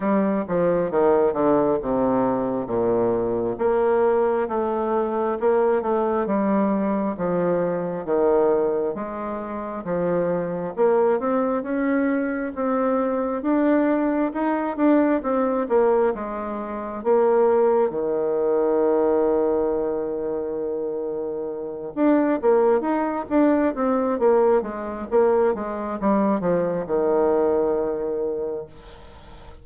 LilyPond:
\new Staff \with { instrumentName = "bassoon" } { \time 4/4 \tempo 4 = 67 g8 f8 dis8 d8 c4 ais,4 | ais4 a4 ais8 a8 g4 | f4 dis4 gis4 f4 | ais8 c'8 cis'4 c'4 d'4 |
dis'8 d'8 c'8 ais8 gis4 ais4 | dis1~ | dis8 d'8 ais8 dis'8 d'8 c'8 ais8 gis8 | ais8 gis8 g8 f8 dis2 | }